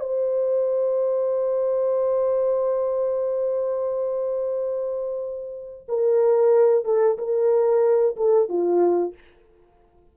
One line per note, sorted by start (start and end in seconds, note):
0.00 5.87 C5
5.88 6.85 A#4
6.85 7.17 A4
7.18 8.16 A#4
8.16 8.48 A4
8.48 9.14 F4